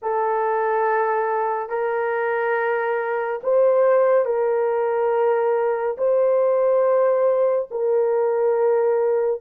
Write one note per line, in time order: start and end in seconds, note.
0.02 1.69 A4
1.69 3.41 A#4
3.43 4.25 C5
4.25 5.96 A#4
5.97 7.69 C5
7.71 9.41 A#4